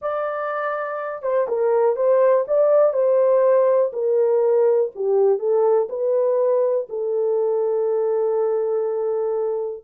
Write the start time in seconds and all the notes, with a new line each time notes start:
0.01 D5
1.22 C5
1.48 A#4
1.95 C5
2.47 D5
2.93 C5
3.92 A#4
4.95 G4
5.39 A4
5.89 B4
6.89 A4